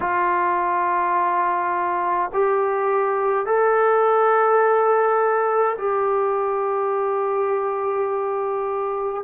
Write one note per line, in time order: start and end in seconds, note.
0.00 2.30 F4
2.33 3.46 G4
3.46 5.76 A4
5.77 9.23 G4